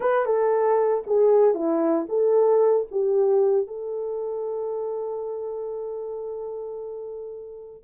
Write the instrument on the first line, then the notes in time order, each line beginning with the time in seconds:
horn
0.00 B4
0.25 A4
1.06 G#4
1.54 E4
2.08 A4
2.91 G4
3.67 A4